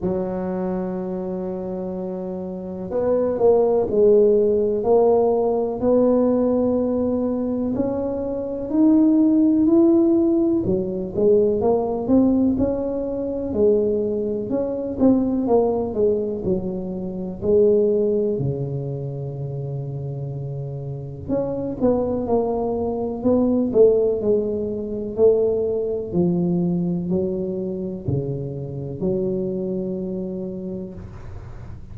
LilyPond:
\new Staff \with { instrumentName = "tuba" } { \time 4/4 \tempo 4 = 62 fis2. b8 ais8 | gis4 ais4 b2 | cis'4 dis'4 e'4 fis8 gis8 | ais8 c'8 cis'4 gis4 cis'8 c'8 |
ais8 gis8 fis4 gis4 cis4~ | cis2 cis'8 b8 ais4 | b8 a8 gis4 a4 f4 | fis4 cis4 fis2 | }